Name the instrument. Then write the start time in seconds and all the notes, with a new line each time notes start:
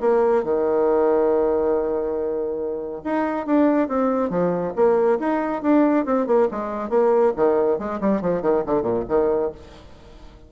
bassoon
0.00 A#3
0.43 D#3
3.04 D#4
3.46 D4
3.88 C4
4.30 F3
4.76 A#3
5.19 D#4
5.62 D4
6.05 C4
6.27 A#3
6.51 G#3
6.89 A#3
7.36 D#3
7.79 G#3
8.01 G3
8.21 F3
8.42 D#3
8.65 D3
8.82 A#2
9.08 D#3